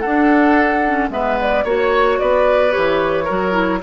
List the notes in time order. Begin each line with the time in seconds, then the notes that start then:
0.00 D4 A4 F#5
0.86 C#4
1.10 G#3 B3 B4 E5
1.41 D5
1.64 A#3 F#4 C#5
2.19 B3 B4 D5
2.70 E3 G4 C#5
3.24 F#3 F#4 A#4
3.52 E4